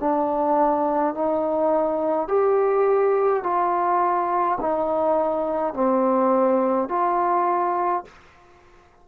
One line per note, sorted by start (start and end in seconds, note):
0.00 1.14 D4
1.14 2.28 D#4
2.28 3.43 G4
3.43 4.58 F4
4.60 5.73 D#4
5.73 6.89 C4
6.89 8.04 F4